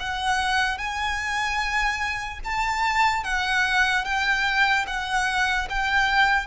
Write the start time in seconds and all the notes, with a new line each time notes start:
0.00 F#5
0.78 G#5
2.44 A5
3.24 F#5
4.05 G5
4.87 F#5
5.69 G5